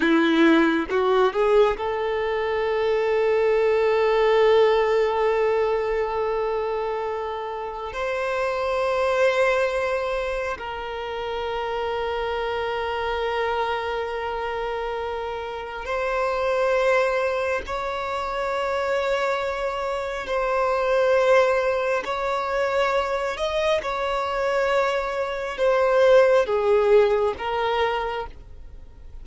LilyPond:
\new Staff \with { instrumentName = "violin" } { \time 4/4 \tempo 4 = 68 e'4 fis'8 gis'8 a'2~ | a'1~ | a'4 c''2. | ais'1~ |
ais'2 c''2 | cis''2. c''4~ | c''4 cis''4. dis''8 cis''4~ | cis''4 c''4 gis'4 ais'4 | }